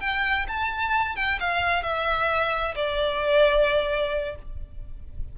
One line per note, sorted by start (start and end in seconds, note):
0.00 0.46 G5
0.47 1.16 A5
1.16 1.39 G5
1.40 1.83 F5
1.83 2.74 E5
2.75 4.35 D5